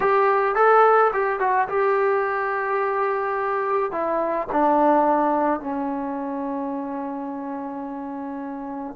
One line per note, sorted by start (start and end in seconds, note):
0.00 0.55 G4
0.55 1.11 A4
1.13 1.39 G4
1.39 1.67 F#4
1.68 3.91 G4
3.91 4.47 E4
4.51 5.60 D4
5.60 8.95 C#4